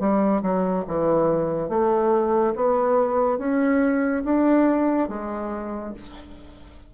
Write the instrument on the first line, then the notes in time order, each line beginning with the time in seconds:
bassoon
0.00 G3
0.42 F#3
0.88 E3
1.69 A3
2.56 B3
3.38 C#4
4.25 D4
5.09 G#3